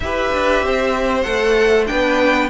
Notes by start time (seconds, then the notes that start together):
0.00 E4 G4 B4 E5
0.32 D4
0.62 C4 C5
1.22 A3 A4 F#5
1.87 B3 D4 B4 G5